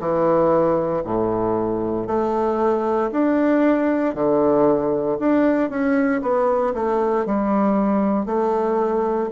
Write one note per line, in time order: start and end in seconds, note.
0.00 1.03 E3
1.05 2.07 A2
2.07 3.11 A3
3.12 4.15 D4
4.15 5.19 D3
5.20 5.70 D4
5.70 6.22 C#4
6.22 6.74 B3
6.75 7.26 A3
7.26 8.26 G3
8.26 9.30 A3